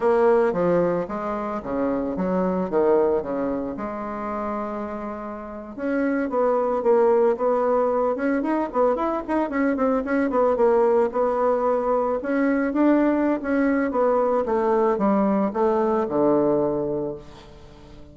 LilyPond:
\new Staff \with { instrumentName = "bassoon" } { \time 4/4 \tempo 4 = 112 ais4 f4 gis4 cis4 | fis4 dis4 cis4 gis4~ | gis2~ gis8. cis'4 b16~ | b8. ais4 b4. cis'8 dis'16~ |
dis'16 b8 e'8 dis'8 cis'8 c'8 cis'8 b8 ais16~ | ais8. b2 cis'4 d'16~ | d'4 cis'4 b4 a4 | g4 a4 d2 | }